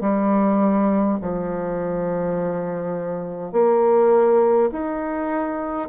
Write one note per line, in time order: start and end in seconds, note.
0.00 1.18 G3
1.21 3.52 F3
3.52 4.70 A#3
4.71 5.88 D#4